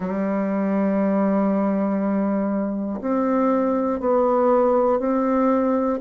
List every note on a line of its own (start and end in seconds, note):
0.00 3.00 G3
3.00 4.00 C4
4.00 4.99 B3
4.99 5.99 C4